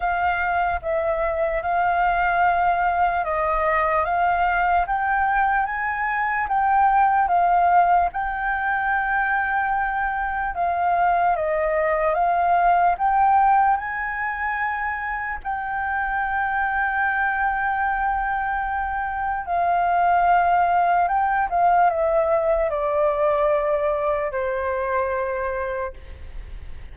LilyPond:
\new Staff \with { instrumentName = "flute" } { \time 4/4 \tempo 4 = 74 f''4 e''4 f''2 | dis''4 f''4 g''4 gis''4 | g''4 f''4 g''2~ | g''4 f''4 dis''4 f''4 |
g''4 gis''2 g''4~ | g''1 | f''2 g''8 f''8 e''4 | d''2 c''2 | }